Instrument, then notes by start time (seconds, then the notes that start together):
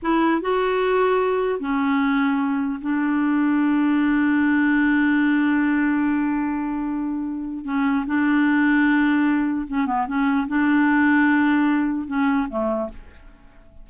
clarinet
0.02 E4
0.41 F#4
1.59 C#4
2.81 D4
7.65 C#4
8.06 D4
9.67 C#4
9.86 B3
10.07 C#4
10.47 D4
12.07 C#4
12.49 A3